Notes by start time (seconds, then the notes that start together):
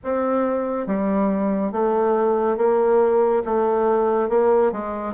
0.04 C4
0.86 G3
1.72 A3
2.57 A#3
3.45 A3
4.29 A#3
4.71 G#3